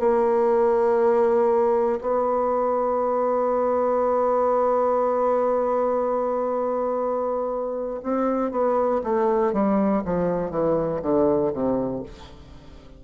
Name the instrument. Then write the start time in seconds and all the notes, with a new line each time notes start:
bassoon
0.00 A#3
2.01 B3
8.03 C4
8.52 B3
9.04 A3
9.53 G3
10.05 F3
10.50 E3
11.02 D3
11.53 C3